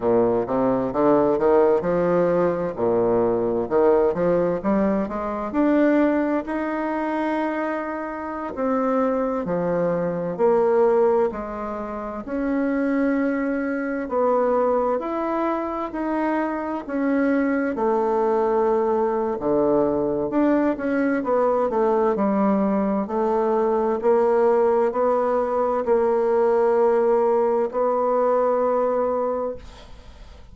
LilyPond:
\new Staff \with { instrumentName = "bassoon" } { \time 4/4 \tempo 4 = 65 ais,8 c8 d8 dis8 f4 ais,4 | dis8 f8 g8 gis8 d'4 dis'4~ | dis'4~ dis'16 c'4 f4 ais8.~ | ais16 gis4 cis'2 b8.~ |
b16 e'4 dis'4 cis'4 a8.~ | a4 d4 d'8 cis'8 b8 a8 | g4 a4 ais4 b4 | ais2 b2 | }